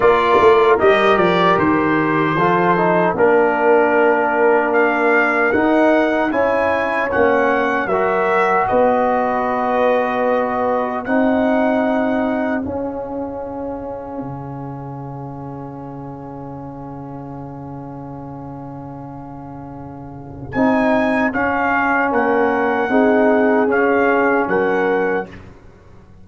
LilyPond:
<<
  \new Staff \with { instrumentName = "trumpet" } { \time 4/4 \tempo 4 = 76 d''4 dis''8 d''8 c''2 | ais'2 f''4 fis''4 | gis''4 fis''4 e''4 dis''4~ | dis''2 fis''2 |
f''1~ | f''1~ | f''2 gis''4 f''4 | fis''2 f''4 fis''4 | }
  \new Staff \with { instrumentName = "horn" } { \time 4/4 ais'2. a'4 | ais'1 | cis''2 ais'4 b'4~ | b'2 gis'2~ |
gis'1~ | gis'1~ | gis'1 | ais'4 gis'2 ais'4 | }
  \new Staff \with { instrumentName = "trombone" } { \time 4/4 f'4 g'2 f'8 dis'8 | d'2. dis'4 | e'4 cis'4 fis'2~ | fis'2 dis'2 |
cis'1~ | cis'1~ | cis'2 dis'4 cis'4~ | cis'4 dis'4 cis'2 | }
  \new Staff \with { instrumentName = "tuba" } { \time 4/4 ais8 a8 g8 f8 dis4 f4 | ais2. dis'4 | cis'4 ais4 fis4 b4~ | b2 c'2 |
cis'2 cis2~ | cis1~ | cis2 c'4 cis'4 | ais4 c'4 cis'4 fis4 | }
>>